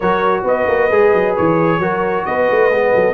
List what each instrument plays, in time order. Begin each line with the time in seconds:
0.00 tuba F#3, trombone F#4, horn A#4, trumpet C#5
0.43 tuba B3, horn B4, trumpet D#5
0.67 tuba A#3
0.90 tuba G#3, trombone G#4
1.14 tuba F#3
1.35 tuba E3, trumpet C#5
1.79 tuba F#3, trombone F#4, horn A#4
2.25 tuba B3, horn B4, trumpet D#5
2.50 tuba A3
2.69 tuba G#3, trombone B3
2.93 tuba F#3, horn A4